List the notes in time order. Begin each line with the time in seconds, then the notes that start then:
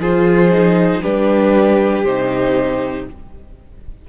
0.00 F3 F4 G#4 C5
0.51 D#4
1.02 G3 D4 G4 B4
2.04 C3 D#4 C5